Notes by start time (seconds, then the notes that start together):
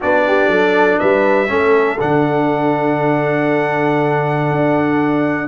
0.00 B3 D4 F#4 D5
0.27 G4
0.48 F#3 A4
0.99 G3 B4 E5
1.47 A3 C#4 A4
1.99 D3 D4 F#5
4.51 D4